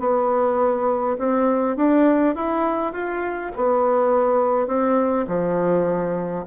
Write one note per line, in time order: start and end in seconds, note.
0.00 1.18 B3
1.19 1.77 C4
1.77 2.36 D4
2.36 2.93 E4
2.93 3.52 F4
3.57 4.68 B3
4.68 5.27 C4
5.28 6.45 F3